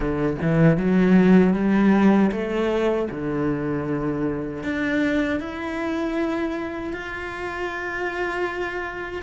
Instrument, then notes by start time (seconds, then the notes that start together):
cello
0.00 D3
0.41 E3
0.77 F#3
1.53 G3
2.31 A3
3.10 D3
4.63 D4
5.40 E4
6.93 F4